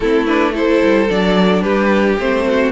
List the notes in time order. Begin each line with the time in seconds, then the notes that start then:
0.00 A3 C4 E4 A4
0.26 D4 B4
0.53 E4 A4 C5
0.82 G3
1.08 F#3 D4 D5
1.62 G3 G4 B4
2.19 A3 C4 C5
2.45 F#4